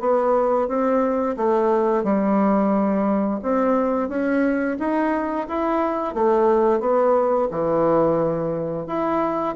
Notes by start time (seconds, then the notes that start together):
0.00 B3
0.68 C4
1.37 A3
2.04 G3
3.42 C4
4.09 C#4
4.79 D#4
5.48 E4
6.14 A3
6.80 B3
7.51 E3
8.87 E4